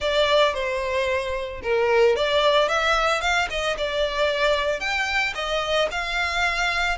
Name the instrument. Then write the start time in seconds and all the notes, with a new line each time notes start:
violin
0.00 D5
0.54 C5
1.62 A#4
2.16 D5
2.68 E5
3.21 F5
3.50 D#5
3.77 D5
4.80 G5
5.34 D#5
5.91 F5